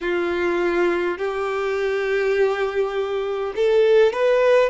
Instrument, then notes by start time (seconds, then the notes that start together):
violin
0.01 F4
1.18 G4
3.55 A4
4.12 B4